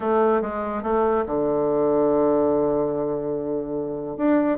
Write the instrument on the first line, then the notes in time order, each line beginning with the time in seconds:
bassoon
0.00 A3
0.41 G#3
0.83 A3
1.26 D3
4.17 D4